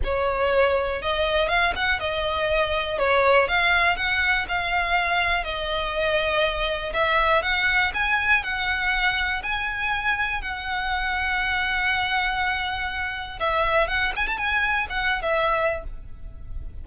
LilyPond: \new Staff \with { instrumentName = "violin" } { \time 4/4 \tempo 4 = 121 cis''2 dis''4 f''8 fis''8 | dis''2 cis''4 f''4 | fis''4 f''2 dis''4~ | dis''2 e''4 fis''4 |
gis''4 fis''2 gis''4~ | gis''4 fis''2.~ | fis''2. e''4 | fis''8 gis''16 a''16 gis''4 fis''8. e''4~ e''16 | }